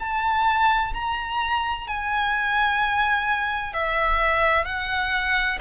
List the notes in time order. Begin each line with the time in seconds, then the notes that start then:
0.00 A5
0.94 A#5
1.87 G#5
3.74 E5
4.65 F#5